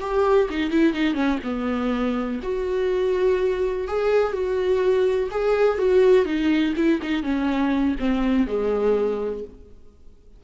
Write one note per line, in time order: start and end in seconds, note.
0.00 0.48 G4
0.49 0.71 D#4
0.71 0.93 E4
0.93 1.14 D#4
1.14 1.38 C#4
1.43 2.40 B3
2.42 3.88 F#4
3.88 4.32 G#4
4.32 5.29 F#4
5.31 5.78 G#4
5.78 6.25 F#4
6.25 6.74 D#4
6.76 7.00 E4
7.02 7.23 D#4
7.23 7.95 C#4
7.99 8.47 C4
8.47 9.44 G#3